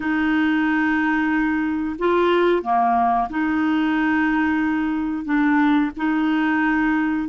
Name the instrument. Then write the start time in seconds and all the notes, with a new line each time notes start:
clarinet
0.00 D#4
1.98 F4
2.62 A#3
3.29 D#4
5.24 D4
5.97 D#4